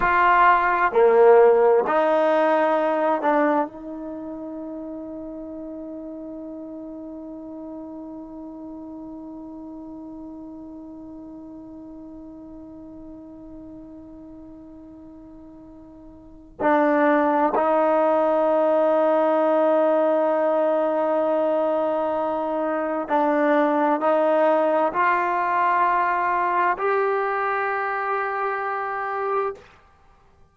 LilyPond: \new Staff \with { instrumentName = "trombone" } { \time 4/4 \tempo 4 = 65 f'4 ais4 dis'4. d'8 | dis'1~ | dis'1~ | dis'1~ |
dis'2 d'4 dis'4~ | dis'1~ | dis'4 d'4 dis'4 f'4~ | f'4 g'2. | }